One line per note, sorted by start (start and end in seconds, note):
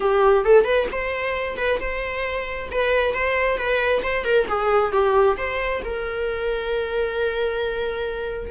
0.00 0.44 G4
0.44 0.64 A4
0.64 0.86 B4
0.91 1.57 C5
1.57 1.79 B4
1.80 2.69 C5
2.71 3.13 B4
3.13 3.57 C5
3.57 4.02 B4
4.02 4.24 C5
4.24 4.46 A#4
4.48 4.92 G#4
4.92 5.36 G4
5.37 5.82 C5
5.84 8.51 A#4